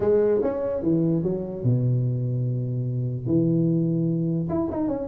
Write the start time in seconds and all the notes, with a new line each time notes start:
0.00 G#3
0.42 C#4
0.82 E3
1.23 F#3
1.63 B2
3.26 E3
4.49 E4
4.71 D#4
4.88 C#4